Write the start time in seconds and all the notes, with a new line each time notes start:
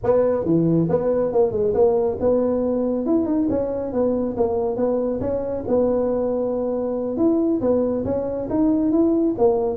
0.03 B3
0.44 E3
0.89 B3
1.32 A#3
1.51 G#3
1.74 A#3
2.20 B3
3.06 E4
3.25 D#4
3.49 C#4
3.92 B3
4.37 A#3
4.76 B3
5.20 C#4
5.67 B3
7.17 E4
7.60 B3
8.04 C#4
8.49 D#4
8.91 E4
9.37 A#3